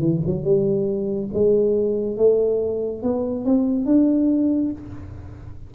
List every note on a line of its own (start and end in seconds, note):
0.00 0.21 E3
0.27 0.44 F#3
0.44 1.30 G3
1.34 2.17 G#3
2.17 3.03 A3
3.03 3.46 B3
3.46 3.86 C4
3.86 4.71 D4